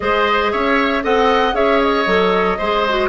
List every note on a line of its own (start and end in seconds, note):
0.00 0.53 G#3
0.00 1.02 G#4
0.00 0.51 C5
0.00 0.52 D#5
0.51 1.04 C#4
0.51 1.03 C#5
0.51 1.03 E5
1.02 1.53 C4
1.02 1.53 A4
1.02 1.55 D#5
1.02 1.55 F#5
1.53 2.05 C#4
1.53 2.04 G#4
1.53 2.58 C#5
1.53 1.81 E5
1.81 3.08 D#5
2.06 2.58 F#3
2.06 2.57 A4
2.58 3.08 G#3
2.58 2.87 G#4
2.58 3.08 C5
2.88 3.08 F#4